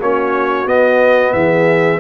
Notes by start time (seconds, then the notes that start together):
0.00 A#3 C#4 F#4 C#5
0.66 B3 D#5
1.33 E3 G#4 E5